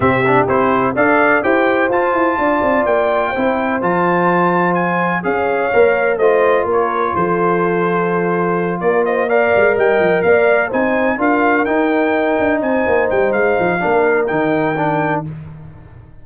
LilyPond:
<<
  \new Staff \with { instrumentName = "trumpet" } { \time 4/4 \tempo 4 = 126 e''4 c''4 f''4 g''4 | a''2 g''2 | a''2 gis''4 f''4~ | f''4 dis''4 cis''4 c''4~ |
c''2~ c''8 d''8 dis''8 f''8~ | f''8 g''4 f''4 gis''4 f''8~ | f''8 g''2 gis''4 g''8 | f''2 g''2 | }
  \new Staff \with { instrumentName = "horn" } { \time 4/4 g'2 d''4 c''4~ | c''4 d''2 c''4~ | c''2. cis''4~ | cis''4 c''4 ais'4 a'4~ |
a'2~ a'8 ais'8 c''8 d''8~ | d''8 dis''4 d''4 c''4 ais'8~ | ais'2~ ais'8 c''4.~ | c''4 ais'2. | }
  \new Staff \with { instrumentName = "trombone" } { \time 4/4 c'8 d'8 e'4 a'4 g'4 | f'2. e'4 | f'2. gis'4 | ais'4 f'2.~ |
f'2.~ f'8 ais'8~ | ais'2~ ais'8 dis'4 f'8~ | f'8 dis'2.~ dis'8~ | dis'4 d'4 dis'4 d'4 | }
  \new Staff \with { instrumentName = "tuba" } { \time 4/4 c4 c'4 d'4 e'4 | f'8 e'8 d'8 c'8 ais4 c'4 | f2. cis'4 | ais4 a4 ais4 f4~ |
f2~ f8 ais4. | gis8 g8 f8 ais4 c'4 d'8~ | d'8 dis'4. d'8 c'8 ais8 g8 | gis8 f8 ais4 dis2 | }
>>